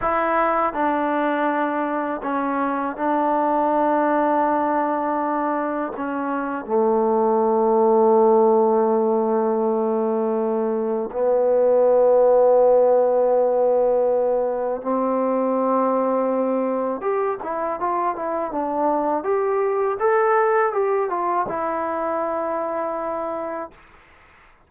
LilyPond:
\new Staff \with { instrumentName = "trombone" } { \time 4/4 \tempo 4 = 81 e'4 d'2 cis'4 | d'1 | cis'4 a2.~ | a2. b4~ |
b1 | c'2. g'8 e'8 | f'8 e'8 d'4 g'4 a'4 | g'8 f'8 e'2. | }